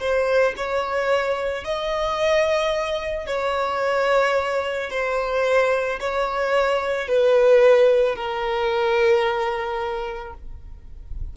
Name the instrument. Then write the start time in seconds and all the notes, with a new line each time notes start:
violin
0.00 C5
0.57 C#5
1.64 D#5
3.27 C#5
4.90 C5
6.00 C#5
7.08 B4
8.15 A#4